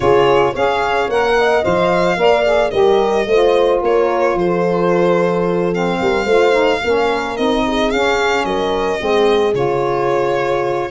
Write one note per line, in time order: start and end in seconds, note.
0.00 0.53 C#3
0.00 0.54 F4
0.00 0.52 G#4
0.00 0.54 C#5
0.52 1.08 C#4
0.52 1.09 G#4
0.52 1.34 C#5
0.52 1.10 F5
1.08 1.63 A#3
1.08 1.63 A#4
1.08 1.64 F#5
1.37 2.19 D#5
1.63 2.16 F3
1.63 2.17 C5
1.63 2.70 F5
2.16 2.71 A#3
2.16 2.44 A#4
2.16 2.72 D5
2.45 2.71 G#4
2.70 3.26 G3
2.70 3.25 G4
2.70 3.26 A#4
2.70 3.79 D#5
3.26 3.80 A3
3.26 5.72 F4
3.26 3.82 C5
3.82 4.34 A#3
3.82 4.37 A#4
3.82 4.38 C#5
4.34 5.98 F3
4.34 5.99 A4
4.34 5.74 C5
5.72 6.26 C4
5.72 7.36 F5
5.99 6.25 G3
5.99 6.23 A#4
6.23 6.80 A3
6.23 6.51 F4
6.23 6.77 C5
6.51 6.79 D#4
6.81 7.38 A#3
6.81 7.37 C#4
6.81 7.63 A#4
7.36 7.92 C4
7.36 7.92 D#4
7.36 7.90 D#5
7.66 8.45 G#4
7.90 8.44 C#4
7.90 8.98 C#4
7.90 8.44 F5
8.44 8.98 F#3
8.44 9.00 A#4
8.44 9.54 D#5
8.98 9.53 G#3
8.98 9.53 C4
8.98 10.90 G#4
9.53 10.90 C#3
9.53 10.90 F4
9.53 10.90 C#5